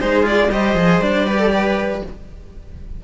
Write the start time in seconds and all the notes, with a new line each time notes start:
0.00 G#3 D#4 G#4 C5
0.23 F4 D5
0.50 G3 G4 C5 D#5
0.74 F3 G#4
1.00 G3 D4 D5
1.27 G4 B4
1.39 A4
1.51 B4